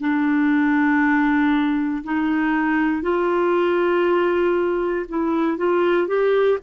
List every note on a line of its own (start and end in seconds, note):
0.00 2.03 D4
2.03 3.02 D#4
3.02 5.05 F4
5.08 5.57 E4
5.57 6.07 F4
6.07 6.58 G4